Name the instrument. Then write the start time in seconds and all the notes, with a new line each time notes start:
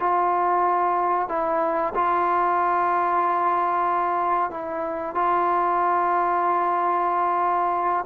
trombone
0.00 F4
1.29 E4
1.95 F4
4.51 E4
5.15 F4